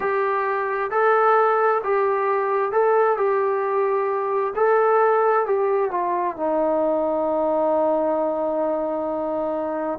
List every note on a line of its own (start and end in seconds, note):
0.00 0.90 G4
0.90 1.81 A4
1.83 2.72 G4
2.72 3.17 A4
3.17 4.53 G4
4.55 5.45 A4
5.45 5.90 G4
5.90 6.36 F4
6.36 9.99 D#4